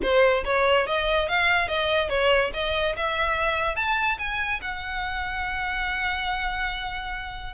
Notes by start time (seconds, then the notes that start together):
0.02 C5
0.45 C#5
0.86 D#5
1.28 F5
1.68 D#5
2.09 C#5
2.53 D#5
2.96 E5
3.76 A5
4.18 G#5
4.61 F#5